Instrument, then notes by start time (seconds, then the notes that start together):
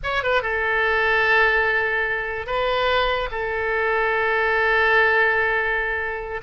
oboe
0.03 C#5
0.23 B4
0.42 A4
2.46 B4
3.31 A4